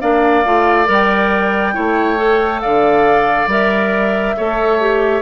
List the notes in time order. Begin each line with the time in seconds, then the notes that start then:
0.00 A#3 D4 D5 F5
0.44 A3 F4
0.85 G3 A#4
0.92 G5
1.73 A3 E4 C#5
2.17 A4
2.61 D3 D5 F5
3.47 G3 A#4 E5
4.37 A3 A4 C#5
4.80 G4